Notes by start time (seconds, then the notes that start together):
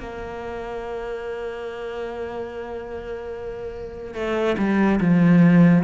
0.00 A#3
4.14 A3
4.58 G3
5.00 F3